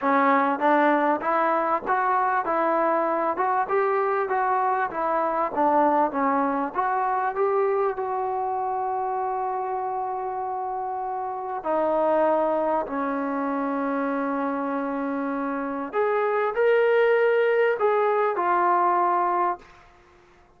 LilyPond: \new Staff \with { instrumentName = "trombone" } { \time 4/4 \tempo 4 = 98 cis'4 d'4 e'4 fis'4 | e'4. fis'8 g'4 fis'4 | e'4 d'4 cis'4 fis'4 | g'4 fis'2.~ |
fis'2. dis'4~ | dis'4 cis'2.~ | cis'2 gis'4 ais'4~ | ais'4 gis'4 f'2 | }